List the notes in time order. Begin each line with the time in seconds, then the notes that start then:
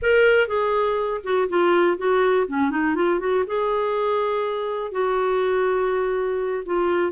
0.01 A#4
0.47 G#4
1.23 F#4
1.49 F4
1.97 F#4
2.47 C#4
2.70 D#4
2.95 F4
3.19 F#4
3.46 G#4
4.91 F#4
6.65 F4